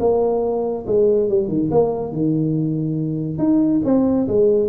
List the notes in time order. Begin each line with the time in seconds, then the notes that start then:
0.00 A#3
0.87 G#3
1.29 G3
1.48 D#3
1.71 A#3
2.12 D#3
3.39 D#4
3.85 C4
4.28 G#3